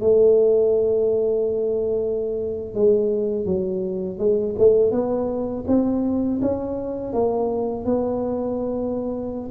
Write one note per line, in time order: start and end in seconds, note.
0.00 2.74 A3
2.74 3.45 G#3
3.45 4.18 F#3
4.18 4.55 G#3
4.59 4.91 A3
4.91 5.64 B3
5.67 6.40 C4
6.42 7.13 C#4
7.13 7.85 A#3
7.85 9.50 B3